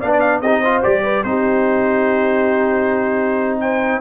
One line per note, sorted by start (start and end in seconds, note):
0.00 0.42 B3
0.00 0.44 D4
0.00 0.41 D5
0.00 0.11 F5
0.13 0.20 D5
0.20 0.40 F5
0.41 0.83 C4
0.41 0.65 D#4
0.41 0.60 G4
0.41 0.82 D#5
0.60 0.83 F4
0.60 1.02 C5
0.83 1.23 G3
0.83 1.24 G4
0.83 1.24 D5
1.03 1.24 B4
1.23 4.01 C4
1.23 4.01 D#4
1.23 3.62 G4
1.23 3.60 C5
3.61 4.01 C5
3.61 4.01 G5